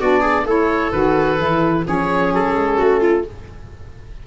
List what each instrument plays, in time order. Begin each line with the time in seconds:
0.00 tuba B3, saxophone D4, viola F#4, oboe D5
0.21 viola G#4
0.45 tuba A3, saxophone E4, viola A4, oboe C#5
0.92 tuba D#3, saxophone F#4, oboe B4
1.38 tuba E3, saxophone E4
1.84 tuba F3, saxophone C#4, viola G#4, oboe C#5
2.33 tuba F#3, oboe A4
2.56 tuba G#3
2.78 tuba A3, viola F#4
3.01 viola F4